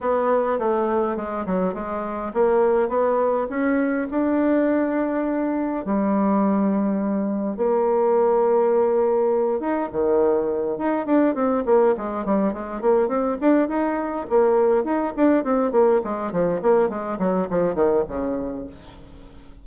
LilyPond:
\new Staff \with { instrumentName = "bassoon" } { \time 4/4 \tempo 4 = 103 b4 a4 gis8 fis8 gis4 | ais4 b4 cis'4 d'4~ | d'2 g2~ | g4 ais2.~ |
ais8 dis'8 dis4. dis'8 d'8 c'8 | ais8 gis8 g8 gis8 ais8 c'8 d'8 dis'8~ | dis'8 ais4 dis'8 d'8 c'8 ais8 gis8 | f8 ais8 gis8 fis8 f8 dis8 cis4 | }